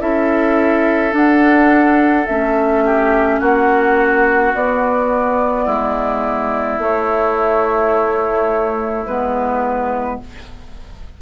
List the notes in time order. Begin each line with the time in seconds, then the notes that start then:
0.00 C#4 E4 A4 E5
1.11 D4 F#5
2.27 A3 C#4 E5
2.85 G4
3.40 A#3 F#4 F#5
4.54 B3 D5
5.65 G#3 E4
6.79 A3 C#5
9.06 G#3 B3 B4